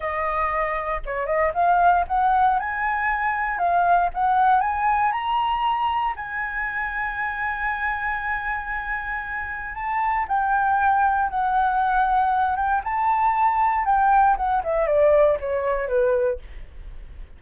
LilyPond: \new Staff \with { instrumentName = "flute" } { \time 4/4 \tempo 4 = 117 dis''2 cis''8 dis''8 f''4 | fis''4 gis''2 f''4 | fis''4 gis''4 ais''2 | gis''1~ |
gis''2. a''4 | g''2 fis''2~ | fis''8 g''8 a''2 g''4 | fis''8 e''8 d''4 cis''4 b'4 | }